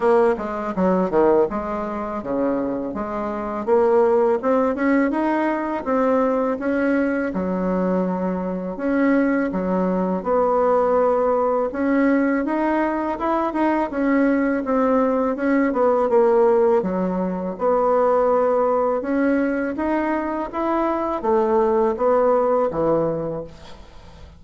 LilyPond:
\new Staff \with { instrumentName = "bassoon" } { \time 4/4 \tempo 4 = 82 ais8 gis8 fis8 dis8 gis4 cis4 | gis4 ais4 c'8 cis'8 dis'4 | c'4 cis'4 fis2 | cis'4 fis4 b2 |
cis'4 dis'4 e'8 dis'8 cis'4 | c'4 cis'8 b8 ais4 fis4 | b2 cis'4 dis'4 | e'4 a4 b4 e4 | }